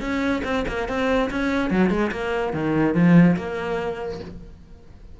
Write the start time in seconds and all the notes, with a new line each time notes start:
0.00 C#4
0.44 C4
0.67 A#3
0.88 C4
1.30 C#4
1.70 F#3
1.89 G#3
2.11 A#3
2.53 D#3
2.94 F3
3.36 A#3